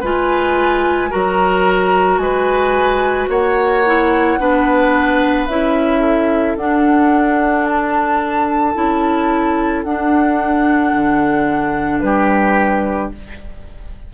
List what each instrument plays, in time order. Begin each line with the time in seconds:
0.00 bassoon G#3, clarinet F4, oboe B4, flute G#5
1.10 bassoon F#3, clarinet F#4, oboe A#4, flute A#5
2.18 bassoon G#3, oboe B4, flute G#5
3.29 bassoon A#3, oboe C#5, flute F#5
3.86 clarinet E4
4.39 bassoon B3, clarinet D4, oboe B4
5.47 bassoon C#4, clarinet E4, flute E5
5.99 oboe A4
6.56 bassoon D4, clarinet D4, flute F#5
7.66 flute A5
8.75 bassoon C#4, clarinet E4
9.83 bassoon D4, clarinet D4, flute F#5
10.92 bassoon D3
12.00 bassoon G3, oboe G4, flute B4